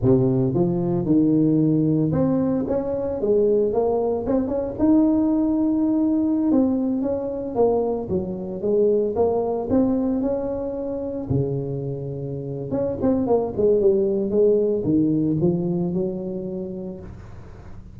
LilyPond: \new Staff \with { instrumentName = "tuba" } { \time 4/4 \tempo 4 = 113 c4 f4 dis2 | c'4 cis'4 gis4 ais4 | c'8 cis'8 dis'2.~ | dis'16 c'4 cis'4 ais4 fis8.~ |
fis16 gis4 ais4 c'4 cis'8.~ | cis'4~ cis'16 cis2~ cis8. | cis'8 c'8 ais8 gis8 g4 gis4 | dis4 f4 fis2 | }